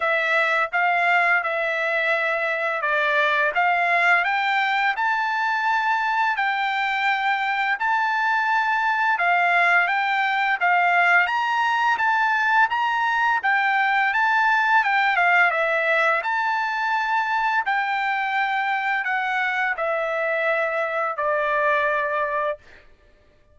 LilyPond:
\new Staff \with { instrumentName = "trumpet" } { \time 4/4 \tempo 4 = 85 e''4 f''4 e''2 | d''4 f''4 g''4 a''4~ | a''4 g''2 a''4~ | a''4 f''4 g''4 f''4 |
ais''4 a''4 ais''4 g''4 | a''4 g''8 f''8 e''4 a''4~ | a''4 g''2 fis''4 | e''2 d''2 | }